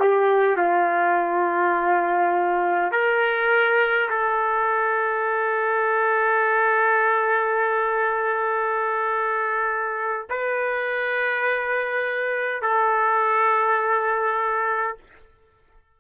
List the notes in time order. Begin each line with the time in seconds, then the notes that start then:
0.00 G4
0.57 F4
2.92 A#4
4.10 A4
10.30 B4
12.62 A4